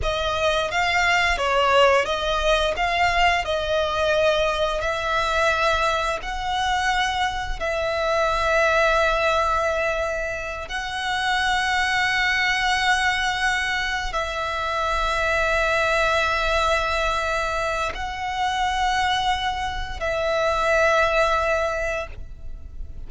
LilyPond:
\new Staff \with { instrumentName = "violin" } { \time 4/4 \tempo 4 = 87 dis''4 f''4 cis''4 dis''4 | f''4 dis''2 e''4~ | e''4 fis''2 e''4~ | e''2.~ e''8 fis''8~ |
fis''1~ | fis''8 e''2.~ e''8~ | e''2 fis''2~ | fis''4 e''2. | }